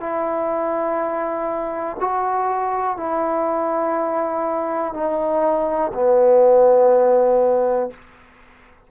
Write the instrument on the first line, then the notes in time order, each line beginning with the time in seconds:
trombone
0.00 E4
2.00 F#4
2.97 E4
4.94 D#4
5.94 B3